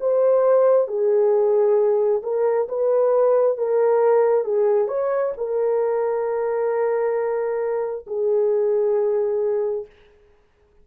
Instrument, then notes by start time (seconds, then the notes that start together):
horn
0.00 C5
0.88 G#4
2.23 A#4
2.69 B4
3.58 A#4
4.45 G#4
4.88 C#5
5.37 A#4
8.07 G#4